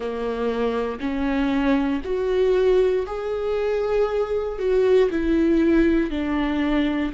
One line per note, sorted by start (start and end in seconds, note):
0.00 0.99 A#3
0.99 2.01 C#4
2.04 3.06 F#4
3.06 4.58 G#4
4.58 5.09 F#4
5.10 6.10 E4
6.10 7.12 D4